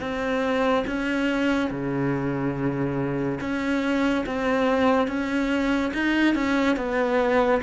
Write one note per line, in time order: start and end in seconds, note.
0.00 0.85 C4
0.87 1.71 C#4
1.71 3.40 C#3
3.41 4.25 C#4
4.26 5.08 C4
5.08 5.92 C#4
5.94 6.35 D#4
6.35 6.76 C#4
6.76 7.61 B3